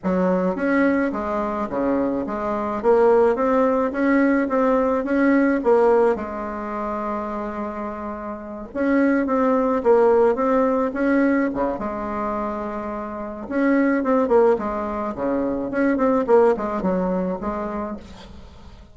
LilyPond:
\new Staff \with { instrumentName = "bassoon" } { \time 4/4 \tempo 4 = 107 fis4 cis'4 gis4 cis4 | gis4 ais4 c'4 cis'4 | c'4 cis'4 ais4 gis4~ | gis2.~ gis8 cis'8~ |
cis'8 c'4 ais4 c'4 cis'8~ | cis'8 cis8 gis2. | cis'4 c'8 ais8 gis4 cis4 | cis'8 c'8 ais8 gis8 fis4 gis4 | }